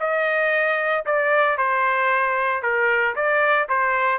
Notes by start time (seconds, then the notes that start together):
0.00 D#5
1.06 D5
1.58 C5
2.63 A#4
3.16 D5
3.69 C5